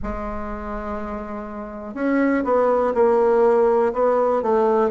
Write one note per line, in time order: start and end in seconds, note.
0.02 1.94 G#3
1.94 2.43 C#4
2.44 2.93 B3
2.94 3.93 A#3
3.93 4.42 B3
4.42 4.90 A3